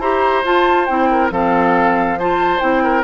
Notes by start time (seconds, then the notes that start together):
0.00 E4 G4 C5 A#5
0.44 F4 A5
0.86 C4 E4 G5
1.11 A#4
1.31 F3 C4 A4 F5
2.19 F4 C5 A5
2.60 C4 E4 G5
2.84 A#4